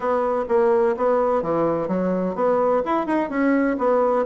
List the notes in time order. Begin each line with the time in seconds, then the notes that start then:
0.00 B3
0.48 A#3
0.96 B3
1.42 E3
1.88 F#3
2.35 B3
2.85 E4
3.06 D#4
3.29 C#4
3.78 B3